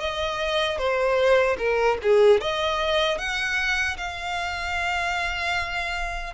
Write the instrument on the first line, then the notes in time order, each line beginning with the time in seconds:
violin
0.00 D#5
0.78 C5
1.58 A#4
2.02 G#4
2.41 D#5
3.18 F#5
3.97 F5